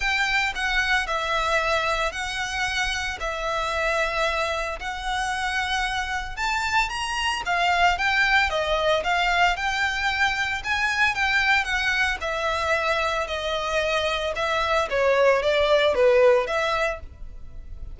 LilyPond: \new Staff \with { instrumentName = "violin" } { \time 4/4 \tempo 4 = 113 g''4 fis''4 e''2 | fis''2 e''2~ | e''4 fis''2. | a''4 ais''4 f''4 g''4 |
dis''4 f''4 g''2 | gis''4 g''4 fis''4 e''4~ | e''4 dis''2 e''4 | cis''4 d''4 b'4 e''4 | }